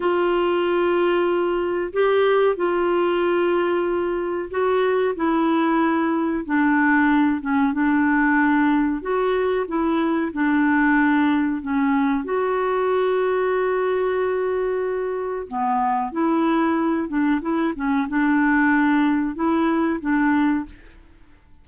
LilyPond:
\new Staff \with { instrumentName = "clarinet" } { \time 4/4 \tempo 4 = 93 f'2. g'4 | f'2. fis'4 | e'2 d'4. cis'8 | d'2 fis'4 e'4 |
d'2 cis'4 fis'4~ | fis'1 | b4 e'4. d'8 e'8 cis'8 | d'2 e'4 d'4 | }